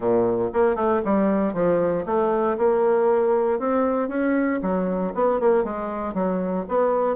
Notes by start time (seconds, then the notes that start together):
0.00 A#2
0.53 A#3
0.75 A3
1.04 G3
1.53 F3
2.05 A3
2.57 A#3
3.59 C4
4.08 C#4
4.62 F#3
5.14 B3
5.40 A#3
5.64 G#3
6.14 F#3
6.68 B3